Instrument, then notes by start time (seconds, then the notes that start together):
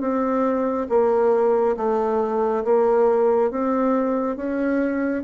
bassoon
0.00 C4
0.89 A#3
1.77 A3
2.64 A#3
3.51 C4
4.36 C#4